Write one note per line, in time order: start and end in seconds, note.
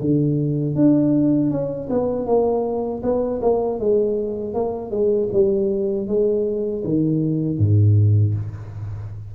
0.00 0.75 D3
0.75 1.50 D4
1.50 1.88 C#4
1.89 2.25 B3
2.25 3.01 A#3
3.02 3.40 B3
3.41 3.79 A#3
3.79 4.54 G#3
4.54 4.91 A#3
4.91 5.29 G#3
5.33 6.07 G3
6.07 6.83 G#3
6.84 7.58 D#3
7.58 8.34 G#2